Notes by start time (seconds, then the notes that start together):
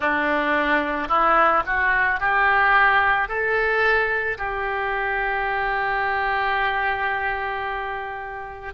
0.00 D4
1.08 E4
1.66 F#4
2.20 G4
3.28 A4
4.38 G4